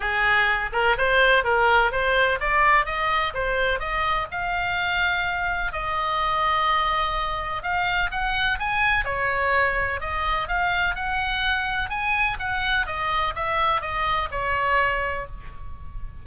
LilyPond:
\new Staff \with { instrumentName = "oboe" } { \time 4/4 \tempo 4 = 126 gis'4. ais'8 c''4 ais'4 | c''4 d''4 dis''4 c''4 | dis''4 f''2. | dis''1 |
f''4 fis''4 gis''4 cis''4~ | cis''4 dis''4 f''4 fis''4~ | fis''4 gis''4 fis''4 dis''4 | e''4 dis''4 cis''2 | }